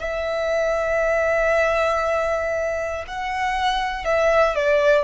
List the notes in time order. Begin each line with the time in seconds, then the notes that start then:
0.00 E5
3.08 F#5
4.05 E5
4.56 D5